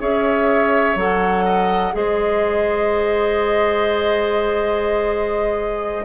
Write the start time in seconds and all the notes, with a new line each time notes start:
0.00 C#4 G#4 C#5 E5
0.96 F#3 A4 F#5
1.45 D#5
1.93 G#3 G#4 C5 D#5